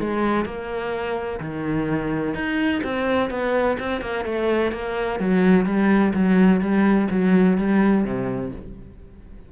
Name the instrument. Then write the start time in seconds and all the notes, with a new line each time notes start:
cello
0.00 G#3
0.46 A#3
1.40 D#3
2.35 D#4
2.84 C4
3.30 B3
3.80 C4
4.02 A#3
4.25 A3
4.73 A#3
5.20 F#3
5.66 G3
6.14 F#3
6.61 G3
7.11 F#3
7.58 G3
8.05 C3